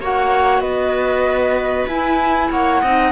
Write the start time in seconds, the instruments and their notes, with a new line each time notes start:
0.00 cello A#3, clarinet F#4, viola C#5, flute F#5
0.60 cello B3, viola B4, flute D#5
1.88 cello E4, clarinet E4, flute G#5
2.51 cello A#3, viola C#5, flute F#5
2.82 cello C4, clarinet D#4, viola D#5